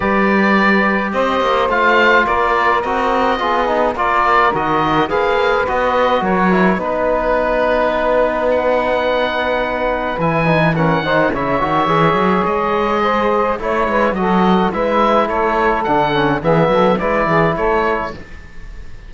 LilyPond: <<
  \new Staff \with { instrumentName = "oboe" } { \time 4/4 \tempo 4 = 106 d''2 dis''4 f''4 | d''4 dis''2 d''4 | dis''4 f''4 dis''4 cis''4 | b'2. fis''4~ |
fis''2 gis''4 fis''4 | e''2 dis''2 | cis''4 dis''4 e''4 cis''4 | fis''4 e''4 d''4 cis''4 | }
  \new Staff \with { instrumentName = "saxophone" } { \time 4/4 b'2 c''2 | ais'2 gis'4 ais'4~ | ais'4 b'2 ais'4 | b'1~ |
b'2. ais'8 c''8 | cis''2. c''4 | cis''8 b'8 a'4 b'4 a'4~ | a'4 gis'8 a'8 b'8 gis'8 a'4 | }
  \new Staff \with { instrumentName = "trombone" } { \time 4/4 g'2. f'4~ | f'4 fis'4 f'8 dis'8 f'4 | fis'4 gis'4 fis'4. e'8 | dis'1~ |
dis'2 e'8 dis'8 cis'8 dis'8 | e'8 fis'8 gis'2. | e'4 fis'4 e'2 | d'8 cis'8 b4 e'2 | }
  \new Staff \with { instrumentName = "cello" } { \time 4/4 g2 c'8 ais8 a4 | ais4 c'4 b4 ais4 | dis4 ais4 b4 fis4 | b1~ |
b2 e4. dis8 | cis8 dis8 e8 fis8 gis2 | a8 gis8 fis4 gis4 a4 | d4 e8 fis8 gis8 e8 a4 | }
>>